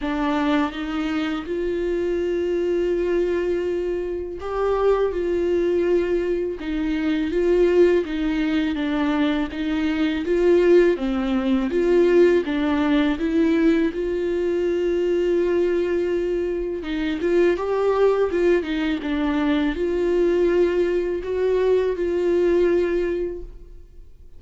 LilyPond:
\new Staff \with { instrumentName = "viola" } { \time 4/4 \tempo 4 = 82 d'4 dis'4 f'2~ | f'2 g'4 f'4~ | f'4 dis'4 f'4 dis'4 | d'4 dis'4 f'4 c'4 |
f'4 d'4 e'4 f'4~ | f'2. dis'8 f'8 | g'4 f'8 dis'8 d'4 f'4~ | f'4 fis'4 f'2 | }